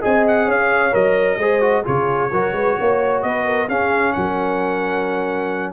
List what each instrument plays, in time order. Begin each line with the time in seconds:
0.00 tuba C4, trombone G#4, horn D#5, trumpet G#5
0.28 trumpet F#5
0.46 tuba C#4, horn C#5, trumpet F5
0.92 tuba F#3, trombone A#4, trumpet D#5
1.38 tuba G#3, trombone G#4, horn C5
1.61 trombone F#4
1.84 tuba C#3, trombone F4, horn G#4, trumpet C#5
2.31 tuba F#3, trombone F#4, horn A#4
2.53 tuba G#3, horn B4
2.79 tuba A#3, horn C#5
3.23 tuba B3, horn B4, trumpet D#5
3.46 horn A#4
3.68 tuba C#4, trombone C#4, horn G#4, trumpet F5
4.13 tuba F#3, horn A#4, trumpet F#5